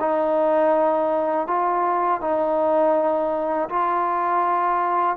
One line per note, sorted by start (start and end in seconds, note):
0.00 1.47 D#4
1.47 2.21 F4
2.21 3.69 D#4
3.69 5.16 F4